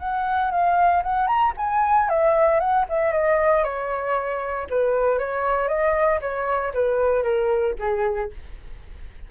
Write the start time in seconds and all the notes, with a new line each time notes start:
0.00 F#5
0.51 F5
1.03 F#5
1.27 A#5
1.58 G#5
2.10 E5
2.60 F#5
2.89 E5
3.12 D#5
3.64 C#5
4.70 B4
5.19 C#5
5.69 D#5
6.22 C#5
6.74 B4
7.23 A#4
7.79 G#4